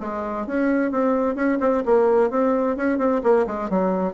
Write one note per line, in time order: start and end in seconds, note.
0.00 0.46 G#3
0.46 0.91 C#4
0.91 1.35 C4
1.35 1.58 C#4
1.60 1.83 C4
1.85 2.30 A#3
2.30 2.76 C4
2.76 2.98 C#4
2.98 3.21 C4
3.23 3.46 A#3
3.46 3.69 G#3
3.69 4.13 F#3